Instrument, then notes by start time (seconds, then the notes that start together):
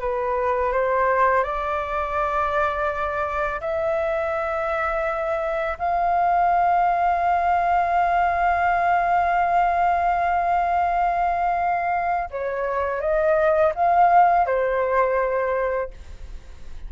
flute
0.00 B4
0.72 C5
1.43 D5
3.60 E5
5.78 F5
12.31 C#5
13.00 D#5
13.75 F5
14.46 C5